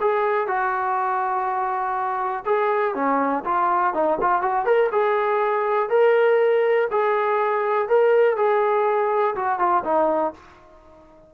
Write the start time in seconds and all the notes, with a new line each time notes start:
0.00 G#4
0.47 F#4
2.45 G#4
2.94 C#4
3.44 F4
3.93 D#4
4.20 F4
4.41 F#4
4.65 A#4
4.92 G#4
5.89 A#4
6.91 G#4
7.88 A#4
8.36 G#4
9.35 F#4
9.59 F4
9.84 D#4